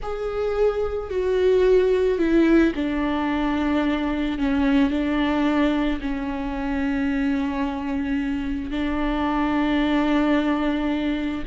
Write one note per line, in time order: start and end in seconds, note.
0.02 1.10 G#4
1.10 2.18 F#4
2.18 2.73 E4
2.75 4.38 D4
4.38 4.90 C#4
4.90 5.99 D4
6.00 8.70 C#4
8.70 11.43 D4